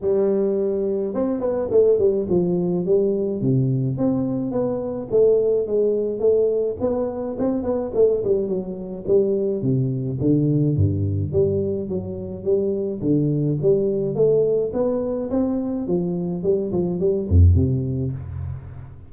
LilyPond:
\new Staff \with { instrumentName = "tuba" } { \time 4/4 \tempo 4 = 106 g2 c'8 b8 a8 g8 | f4 g4 c4 c'4 | b4 a4 gis4 a4 | b4 c'8 b8 a8 g8 fis4 |
g4 c4 d4 g,4 | g4 fis4 g4 d4 | g4 a4 b4 c'4 | f4 g8 f8 g8 f,8 c4 | }